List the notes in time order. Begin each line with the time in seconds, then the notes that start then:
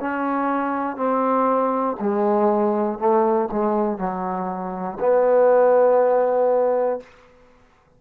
0.00 C#4
0.97 C4
2.00 G#3
2.99 A3
3.52 G#3
3.99 F#3
5.00 B3